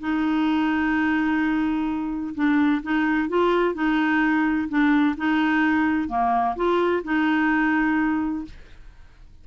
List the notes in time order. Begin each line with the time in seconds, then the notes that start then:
0.00 D#4
2.35 D4
2.83 D#4
3.29 F4
3.74 D#4
4.69 D4
5.17 D#4
6.08 A#3
6.56 F4
7.04 D#4